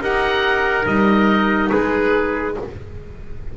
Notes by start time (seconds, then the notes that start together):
0.00 D#4 G4 A#4 F#5
0.85 G3 D#4 D#5
1.70 G#3 G#4 B4